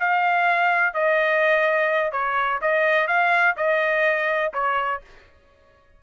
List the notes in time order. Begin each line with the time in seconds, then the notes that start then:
0.00 F5
0.94 D#5
2.12 C#5
2.61 D#5
3.07 F5
3.57 D#5
4.54 C#5